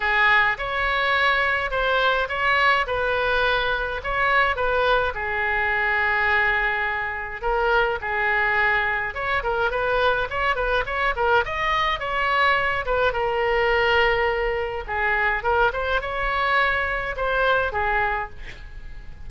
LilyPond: \new Staff \with { instrumentName = "oboe" } { \time 4/4 \tempo 4 = 105 gis'4 cis''2 c''4 | cis''4 b'2 cis''4 | b'4 gis'2.~ | gis'4 ais'4 gis'2 |
cis''8 ais'8 b'4 cis''8 b'8 cis''8 ais'8 | dis''4 cis''4. b'8 ais'4~ | ais'2 gis'4 ais'8 c''8 | cis''2 c''4 gis'4 | }